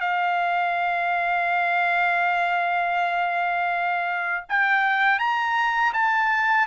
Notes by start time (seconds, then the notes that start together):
0.00 F5
4.48 G5
5.19 A#5
5.93 A5